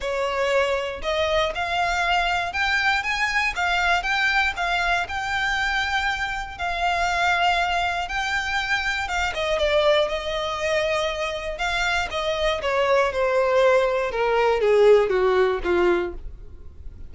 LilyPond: \new Staff \with { instrumentName = "violin" } { \time 4/4 \tempo 4 = 119 cis''2 dis''4 f''4~ | f''4 g''4 gis''4 f''4 | g''4 f''4 g''2~ | g''4 f''2. |
g''2 f''8 dis''8 d''4 | dis''2. f''4 | dis''4 cis''4 c''2 | ais'4 gis'4 fis'4 f'4 | }